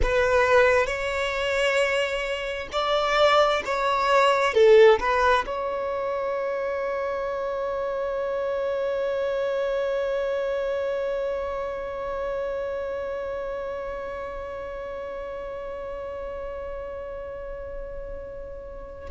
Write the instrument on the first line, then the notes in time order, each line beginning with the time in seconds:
violin
0.02 B4
0.86 C#5
2.71 D5
3.65 C#5
4.53 A4
4.99 B4
5.46 C#5